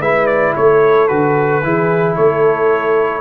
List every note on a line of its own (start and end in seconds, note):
0.00 0.54 G#3
0.00 1.09 E4
0.00 0.54 B4
0.00 0.27 E5
0.27 0.53 D5
0.56 1.10 A3
0.56 1.65 A4
0.56 1.08 C#5
1.08 1.63 D3
1.08 1.63 F#4
1.08 2.15 B4
1.63 2.17 E3
1.63 3.21 E4
1.63 2.16 G#4
2.16 3.21 A3
2.16 3.21 A4
2.16 3.21 C#5